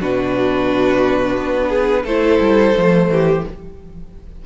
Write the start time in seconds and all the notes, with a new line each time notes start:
0.00 B2 D4 F#4 B4
1.36 B3
1.68 G#4
2.03 A3 E4 A4 C5
2.40 G3
2.76 F3 A3
3.09 E3 G4